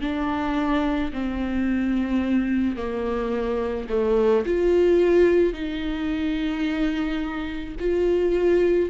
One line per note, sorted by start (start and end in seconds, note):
0.00 1.11 D4
1.13 2.76 C4
2.76 3.87 A#3
3.89 4.44 A3
4.45 5.53 F4
5.53 7.75 D#4
7.79 8.89 F4